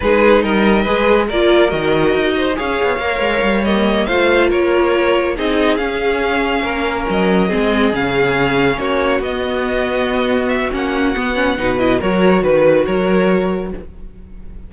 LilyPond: <<
  \new Staff \with { instrumentName = "violin" } { \time 4/4 \tempo 4 = 140 b'4 dis''2 d''4 | dis''2 f''2~ | f''8 dis''4 f''4 cis''4.~ | cis''8 dis''4 f''2~ f''8~ |
f''8 dis''2 f''4.~ | f''8 cis''4 dis''2~ dis''8~ | dis''8 e''8 fis''2~ fis''8 dis''8 | cis''4 b'4 cis''2 | }
  \new Staff \with { instrumentName = "violin" } { \time 4/4 gis'4 ais'4 b'4 ais'4~ | ais'4. c''8 cis''2~ | cis''4. c''4 ais'4.~ | ais'8 gis'2. ais'8~ |
ais'4. gis'2~ gis'8~ | gis'8 fis'2.~ fis'8~ | fis'2. b'4 | ais'4 b'4 ais'2 | }
  \new Staff \with { instrumentName = "viola" } { \time 4/4 dis'2 gis'4 f'4 | fis'2 gis'4 ais'4~ | ais'8 ais4 f'2~ f'8~ | f'8 dis'4 cis'2~ cis'8~ |
cis'4. c'4 cis'4.~ | cis'4. b2~ b8~ | b4 cis'4 b8 cis'8 dis'8 e'8 | fis'1 | }
  \new Staff \with { instrumentName = "cello" } { \time 4/4 gis4 g4 gis4 ais4 | dis4 dis'4 cis'8 b8 ais8 gis8 | g4. a4 ais4.~ | ais8 c'4 cis'2 ais8~ |
ais8 fis4 gis4 cis4.~ | cis8 ais4 b2~ b8~ | b4 ais4 b4 b,4 | fis4 dis4 fis2 | }
>>